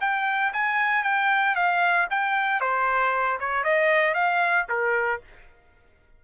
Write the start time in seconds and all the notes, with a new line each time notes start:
0.00 G5
0.52 G#5
1.03 G5
1.55 F5
2.10 G5
2.60 C5
3.39 C#5
3.63 D#5
4.14 F5
4.68 A#4